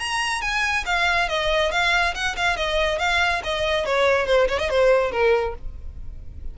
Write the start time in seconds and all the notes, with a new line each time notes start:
0.00 A#5
0.42 G#5
0.86 F5
1.29 D#5
1.72 F5
2.15 F#5
2.36 F5
2.57 D#5
2.99 F5
3.44 D#5
3.86 C#5
4.27 C5
4.49 C#5
4.60 D#5
4.70 C5
5.12 A#4